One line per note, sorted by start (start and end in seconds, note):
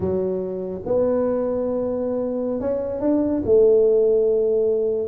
0.00 0.81 F#3
0.85 2.60 B3
2.60 3.00 C#4
3.00 3.41 D4
3.45 5.07 A3